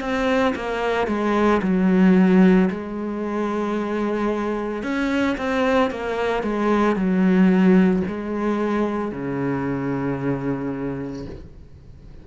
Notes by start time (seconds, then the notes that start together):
0.00 C4
0.55 A#3
1.08 G#3
1.62 F#3
2.70 G#3
4.83 C#4
5.38 C4
5.90 A#3
6.43 G#3
6.95 F#3
8.07 G#3
9.12 C#3